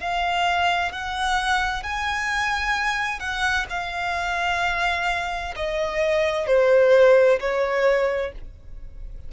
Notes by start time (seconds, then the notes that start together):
0.00 F5
0.92 F#5
1.83 G#5
3.20 F#5
3.70 F5
5.56 D#5
6.47 C5
7.40 C#5